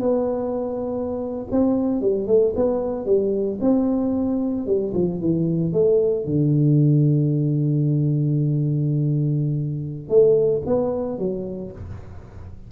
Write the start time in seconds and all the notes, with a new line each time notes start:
0.00 B3
1.51 C4
2.01 G3
2.27 A3
2.56 B3
3.06 G3
3.61 C4
4.67 G3
4.94 F3
5.20 E3
5.73 A3
6.25 D3
10.09 A3
10.66 B3
11.19 F#3